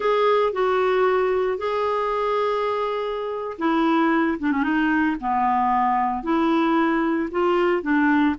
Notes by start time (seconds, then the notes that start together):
0.00 G#4
0.53 F#4
1.58 G#4
3.58 E4
4.38 D4
4.51 C#4
4.63 D#4
5.20 B3
6.23 E4
7.31 F4
7.82 D4